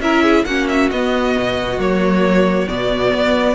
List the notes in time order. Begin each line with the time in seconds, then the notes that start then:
0.00 C#4 E4 A#4 E5
0.23 G#4
0.45 A#3 C#4 F#4 F#5
0.68 E5
0.91 B3 D#5
1.38 B2
1.78 F#3 A#3 C#5
2.68 B2 B3 D5
3.14 B3